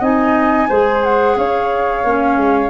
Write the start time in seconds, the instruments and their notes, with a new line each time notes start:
0.00 tuba C4, clarinet D#4, flute D#5 G#5
0.69 tuba G#3, clarinet G#4, flute C5
1.04 flute F#5
1.37 tuba C#4, flute C#5 F5
2.04 tuba A#3, clarinet C#4
2.37 tuba G#3